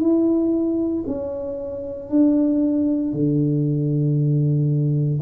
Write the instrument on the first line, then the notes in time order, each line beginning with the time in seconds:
tuba
0.00 E4
1.07 C#4
2.09 D4
3.13 D3